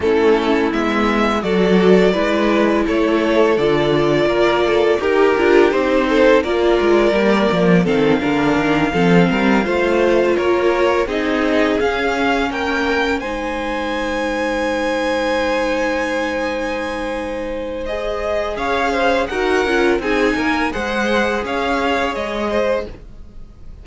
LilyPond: <<
  \new Staff \with { instrumentName = "violin" } { \time 4/4 \tempo 4 = 84 a'4 e''4 d''2 | cis''4 d''2 ais'4 | c''4 d''2 f''4~ | f''2~ f''8 cis''4 dis''8~ |
dis''8 f''4 g''4 gis''4.~ | gis''1~ | gis''4 dis''4 f''4 fis''4 | gis''4 fis''4 f''4 dis''4 | }
  \new Staff \with { instrumentName = "violin" } { \time 4/4 e'2 a'4 b'4 | a'2 ais'8 a'8 g'4~ | g'8 a'8 ais'2 a'8 ais'8~ | ais'8 a'8 ais'8 c''4 ais'4 gis'8~ |
gis'4. ais'4 c''4.~ | c''1~ | c''2 cis''8 c''8 ais'4 | gis'8 ais'8 c''4 cis''4. c''8 | }
  \new Staff \with { instrumentName = "viola" } { \time 4/4 cis'4 b4 fis'4 e'4~ | e'4 f'2 g'8 f'8 | dis'4 f'4 ais4 c'8 d'8~ | d'8 c'4 f'2 dis'8~ |
dis'8 cis'2 dis'4.~ | dis'1~ | dis'4 gis'2 fis'8 f'8 | dis'4 gis'2. | }
  \new Staff \with { instrumentName = "cello" } { \time 4/4 a4 gis4 fis4 gis4 | a4 d4 ais4 dis'8 d'8 | c'4 ais8 gis8 g8 f8 dis8 d8 | dis8 f8 g8 a4 ais4 c'8~ |
c'8 cis'4 ais4 gis4.~ | gis1~ | gis2 cis'4 dis'8 cis'8 | c'8 ais8 gis4 cis'4 gis4 | }
>>